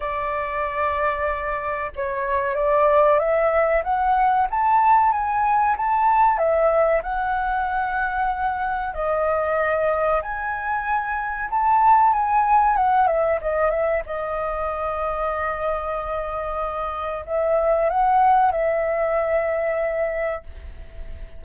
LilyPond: \new Staff \with { instrumentName = "flute" } { \time 4/4 \tempo 4 = 94 d''2. cis''4 | d''4 e''4 fis''4 a''4 | gis''4 a''4 e''4 fis''4~ | fis''2 dis''2 |
gis''2 a''4 gis''4 | fis''8 e''8 dis''8 e''8 dis''2~ | dis''2. e''4 | fis''4 e''2. | }